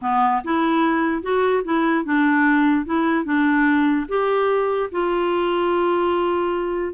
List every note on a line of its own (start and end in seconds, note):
0.01 0.42 B3
0.43 1.22 E4
1.22 1.63 F#4
1.63 2.04 E4
2.04 2.85 D4
2.85 3.24 E4
3.24 4.06 D4
4.08 4.90 G4
4.91 6.93 F4